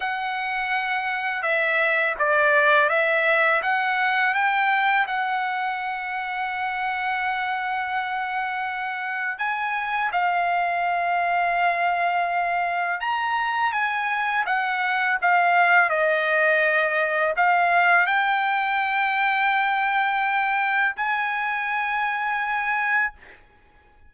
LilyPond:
\new Staff \with { instrumentName = "trumpet" } { \time 4/4 \tempo 4 = 83 fis''2 e''4 d''4 | e''4 fis''4 g''4 fis''4~ | fis''1~ | fis''4 gis''4 f''2~ |
f''2 ais''4 gis''4 | fis''4 f''4 dis''2 | f''4 g''2.~ | g''4 gis''2. | }